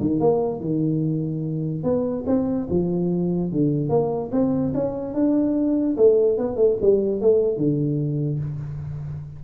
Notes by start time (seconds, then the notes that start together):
0.00 D#3
0.19 A#3
0.60 D#3
1.83 B3
2.26 C4
2.70 F3
3.51 D3
3.89 A#3
4.32 C4
4.74 C#4
5.14 D4
5.96 A3
6.38 B3
6.56 A3
6.81 G3
7.21 A3
7.57 D3